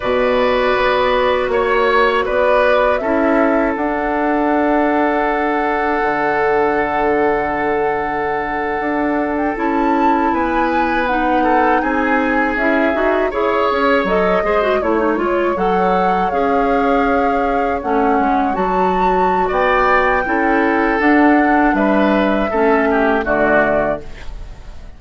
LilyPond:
<<
  \new Staff \with { instrumentName = "flute" } { \time 4/4 \tempo 4 = 80 d''2 cis''4 d''4 | e''4 fis''2.~ | fis''1~ | fis''8 g''16 a''4 gis''4 fis''4 gis''16~ |
gis''8. e''4 cis''4 dis''4 cis''16~ | cis''8. fis''4 f''2 fis''16~ | fis''8. a''4~ a''16 g''2 | fis''4 e''2 d''4 | }
  \new Staff \with { instrumentName = "oboe" } { \time 4/4 b'2 cis''4 b'4 | a'1~ | a'1~ | a'4.~ a'16 b'4. a'8 gis'16~ |
gis'4.~ gis'16 cis''4. c''8 cis''16~ | cis''1~ | cis''2 d''4 a'4~ | a'4 b'4 a'8 g'8 fis'4 | }
  \new Staff \with { instrumentName = "clarinet" } { \time 4/4 fis'1 | e'4 d'2.~ | d'1~ | d'8. e'2 dis'4~ dis'16~ |
dis'8. e'8 fis'8 gis'4 a'8 gis'16 fis'16 e'16 | dis'16 f'8 a'4 gis'2 cis'16~ | cis'8. fis'2~ fis'16 e'4 | d'2 cis'4 a4 | }
  \new Staff \with { instrumentName = "bassoon" } { \time 4/4 b,4 b4 ais4 b4 | cis'4 d'2. | d2.~ d8. d'16~ | d'8. cis'4 b2 c'16~ |
c'8. cis'8 dis'8 e'8 cis'8 fis8 gis8 a16~ | a16 gis8 fis4 cis'2 a16~ | a16 gis8 fis4~ fis16 b4 cis'4 | d'4 g4 a4 d4 | }
>>